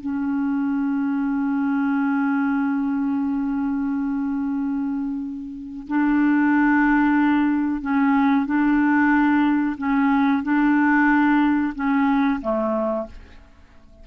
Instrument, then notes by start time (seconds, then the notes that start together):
clarinet
0.00 C#4
5.87 D4
7.81 C#4
8.46 D4
9.78 C#4
10.43 D4
11.75 C#4
12.42 A3